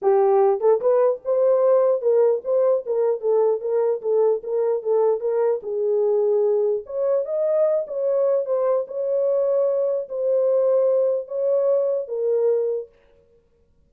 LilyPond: \new Staff \with { instrumentName = "horn" } { \time 4/4 \tempo 4 = 149 g'4. a'8 b'4 c''4~ | c''4 ais'4 c''4 ais'4 | a'4 ais'4 a'4 ais'4 | a'4 ais'4 gis'2~ |
gis'4 cis''4 dis''4. cis''8~ | cis''4 c''4 cis''2~ | cis''4 c''2. | cis''2 ais'2 | }